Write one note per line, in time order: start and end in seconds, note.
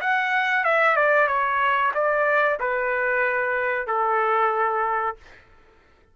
0.00 0.64 F#5
0.64 0.96 E5
0.96 1.27 D5
1.27 1.91 C#5
1.94 2.58 D5
2.60 3.87 B4
3.87 5.16 A4